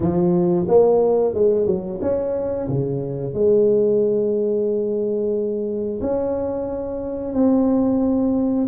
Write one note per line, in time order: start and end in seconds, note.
0.00 0.66 F3
0.68 1.34 A#3
1.34 1.66 G#3
1.66 1.99 F#3
2.01 2.68 C#4
2.68 3.33 C#3
3.33 6.00 G#3
6.01 7.33 C#4
7.33 8.67 C4